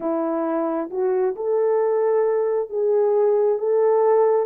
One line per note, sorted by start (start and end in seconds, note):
0.00 0.90 E4
0.90 1.35 F#4
1.35 2.69 A4
2.69 3.58 G#4
3.58 4.46 A4